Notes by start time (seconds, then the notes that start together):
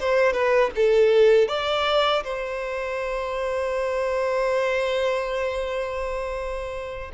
0.00 C5
0.33 B4
0.76 A4
1.48 D5
2.24 C5